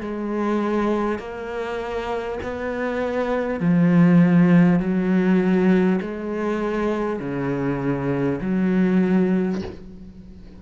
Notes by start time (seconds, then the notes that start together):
0.00 G#3
1.18 A#3
2.43 B3
3.60 F3
4.79 F#3
6.01 G#3
7.19 C#3
8.41 F#3